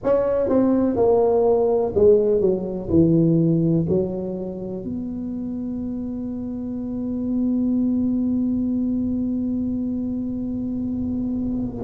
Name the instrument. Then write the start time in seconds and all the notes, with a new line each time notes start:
tuba
0.03 C#4
0.48 C4
0.96 A#3
1.94 G#3
2.40 F#3
2.89 E3
3.88 F#3
4.83 B3